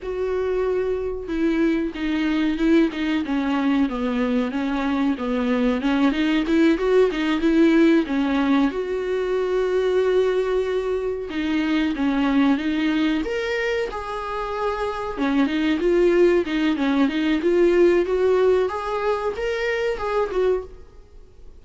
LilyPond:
\new Staff \with { instrumentName = "viola" } { \time 4/4 \tempo 4 = 93 fis'2 e'4 dis'4 | e'8 dis'8 cis'4 b4 cis'4 | b4 cis'8 dis'8 e'8 fis'8 dis'8 e'8~ | e'8 cis'4 fis'2~ fis'8~ |
fis'4. dis'4 cis'4 dis'8~ | dis'8 ais'4 gis'2 cis'8 | dis'8 f'4 dis'8 cis'8 dis'8 f'4 | fis'4 gis'4 ais'4 gis'8 fis'8 | }